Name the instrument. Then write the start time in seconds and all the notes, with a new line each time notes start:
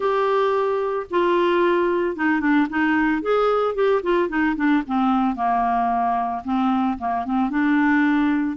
clarinet
0.00 G4
1.10 F4
2.16 D#4
2.40 D4
2.69 D#4
3.22 G#4
3.74 G4
4.03 F4
4.29 D#4
4.56 D4
4.87 C4
5.35 A#3
6.44 C4
6.98 A#3
7.25 C4
7.50 D4